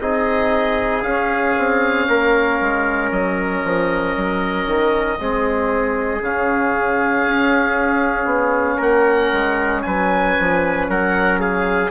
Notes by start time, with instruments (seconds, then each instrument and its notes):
0.00 bassoon C4, trombone D#4, trumpet G#4, oboe D#5
1.02 bassoon C#4, trombone C#4, oboe F5
1.58 bassoon C4
2.08 bassoon A#3, trumpet A#4
2.61 bassoon G#3
3.11 bassoon F#3, oboe D#5
3.64 bassoon F3
4.16 bassoon F#3
4.66 bassoon D#3
5.18 bassoon G#3, trombone C4, trumpet G#4
6.21 bassoon C#3, trombone C#4, oboe F5
7.26 bassoon C#4
8.25 bassoon B3
8.77 bassoon A#3, trumpet A#4, oboe F#5
9.32 bassoon G#3
9.82 bassoon F#3, trumpet B4, oboe G#5
10.39 bassoon F3
10.88 bassoon F#3, trumpet A#4, oboe F#5
11.40 trumpet G#4, oboe F5